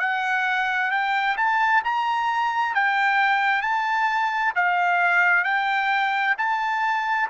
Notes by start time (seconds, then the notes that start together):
0.00 F#5
0.91 G5
1.37 A5
1.84 A#5
2.75 G5
3.62 A5
4.56 F5
5.44 G5
6.38 A5